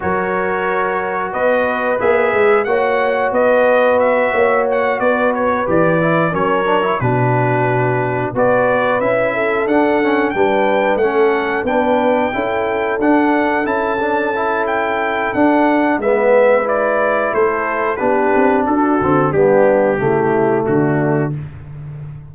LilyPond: <<
  \new Staff \with { instrumentName = "trumpet" } { \time 4/4 \tempo 4 = 90 cis''2 dis''4 e''4 | fis''4 dis''4 e''4 fis''8 d''8 | cis''8 d''4 cis''4 b'4.~ | b'8 d''4 e''4 fis''4 g''8~ |
g''8 fis''4 g''2 fis''8~ | fis''8 a''4. g''4 fis''4 | e''4 d''4 c''4 b'4 | a'4 g'2 fis'4 | }
  \new Staff \with { instrumentName = "horn" } { \time 4/4 ais'2 b'2 | cis''4 b'4. cis''4 b'8~ | b'4. ais'4 fis'4.~ | fis'8 b'4. a'4. b'8~ |
b'8 a'4 b'4 a'4.~ | a'1 | b'2 a'4 g'4 | fis'4 d'4 e'4 d'4 | }
  \new Staff \with { instrumentName = "trombone" } { \time 4/4 fis'2. gis'4 | fis'1~ | fis'8 g'8 e'8 cis'8 d'16 e'16 d'4.~ | d'8 fis'4 e'4 d'8 cis'8 d'8~ |
d'8 cis'4 d'4 e'4 d'8~ | d'8 e'8 d'8 e'4. d'4 | b4 e'2 d'4~ | d'8 c'8 b4 a2 | }
  \new Staff \with { instrumentName = "tuba" } { \time 4/4 fis2 b4 ais8 gis8 | ais4 b4. ais4 b8~ | b8 e4 fis4 b,4.~ | b,8 b4 cis'4 d'4 g8~ |
g8 a4 b4 cis'4 d'8~ | d'8 cis'2~ cis'8 d'4 | gis2 a4 b8 c'8 | d'8 d8 g4 cis4 d4 | }
>>